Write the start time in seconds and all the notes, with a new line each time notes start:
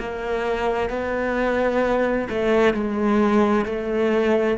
0.00 A#3
0.90 B3
2.30 A3
2.74 G#3
3.65 A3